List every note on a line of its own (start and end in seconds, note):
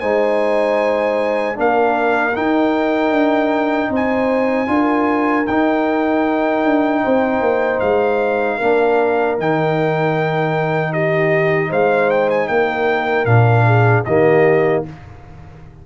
0.00 1.58 G#3
0.00 1.55 D#4
0.00 1.57 C5
0.00 1.56 G#5
1.55 2.36 A#3
1.55 2.33 D4
1.55 3.90 A#4
1.55 2.36 F5
2.36 4.67 D#4
2.36 3.11 D#4
2.36 3.92 G5
3.11 3.89 D4
3.89 4.67 C4
3.89 4.68 C5
3.95 5.47 G#5
4.67 5.46 D4
4.67 5.45 F4
4.67 7.03 A#4
5.47 6.65 D#4
5.47 8.61 D#4
5.47 7.80 G5
6.65 7.04 D4
7.03 7.41 C4
7.03 8.58 C5
7.41 7.80 A#3
7.80 8.59 G#3
7.80 9.36 F5
8.58 9.39 A#3
8.58 9.38 D4
8.58 10.92 A#4
9.38 11.72 D#3
9.38 13.26 D#4
9.38 10.93 G5
10.93 11.70 G4
10.93 11.71 D#5
11.70 12.49 G#3
11.70 12.48 C5
11.70 12.10 F5
12.10 12.30 G5
12.30 12.48 G#5
12.48 13.25 A#3
12.48 13.66 A#4
12.48 13.26 G5
13.25 14.03 A#2
13.25 14.04 D4
13.25 14.04 F5
13.66 14.05 G#4
14.05 14.85 D#3
14.05 14.86 A#3
14.05 14.85 G4
14.05 14.83 D#5